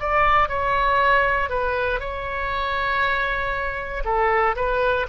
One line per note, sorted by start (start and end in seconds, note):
0.00 0.49 D5
0.49 1.49 C#5
1.49 2.00 B4
2.00 4.04 C#5
4.04 4.55 A4
4.56 5.07 B4